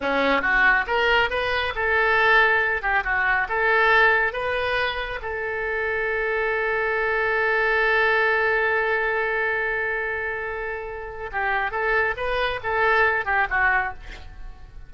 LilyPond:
\new Staff \with { instrumentName = "oboe" } { \time 4/4 \tempo 4 = 138 cis'4 fis'4 ais'4 b'4 | a'2~ a'8 g'8 fis'4 | a'2 b'2 | a'1~ |
a'1~ | a'1~ | a'2 g'4 a'4 | b'4 a'4. g'8 fis'4 | }